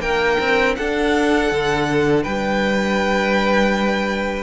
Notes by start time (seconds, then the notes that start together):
0.00 A#3 D4 A#4 G5
0.40 C4
0.76 D4 A4 F#5
1.52 D3
2.23 G3 B4 G5